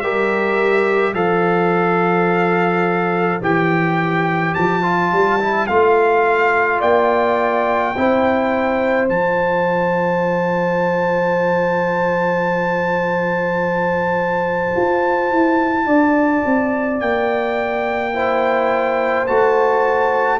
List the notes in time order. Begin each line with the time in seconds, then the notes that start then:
0.00 G3 G4 A#4 E5
1.14 F3 A4 C5 F5
3.41 E3 G4 G5
4.54 F3 A5
4.82 F4
5.12 G3
5.39 E4
5.67 A3 F4 F5
6.79 A#3 D5 G5
7.97 C4 E4 C5
9.09 F3 F4 A5
14.76 F4
15.31 E4
15.86 D4 D5
16.45 C4
17.00 A#3 G5
18.13 E4 C5
19.27 A3 F#4 A5